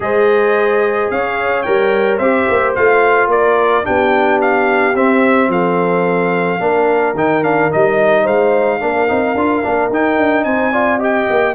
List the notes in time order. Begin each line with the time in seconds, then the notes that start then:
0.00 G#3 G#4 C5 D#5
1.10 C#4 C#5 F5
1.62 G3 A#4 G5
2.17 C4 G4 C5 E5
2.48 A#3
2.75 A3 F4 F5
3.27 A#3 A#4 D5
3.83 B3 D4 G4 G5
4.41 F5
4.94 C4 E5
5.47 F3 A4 F5
6.59 A#3 D4 A#4
7.13 D#3 D#4 G5
7.42 D4 F5
7.70 G3 D#4 D#5
8.22 G#3 C5 F5
8.80 A#3 D4 A#4
9.07 C4 D#4
9.34 D4 F4
9.62 A#3 D4
9.89 D#4 G5
10.17 D4
10.43 C4 C5 G#5
10.72 F4 D5
10.98 G4 D#5 G5
11.29 A#3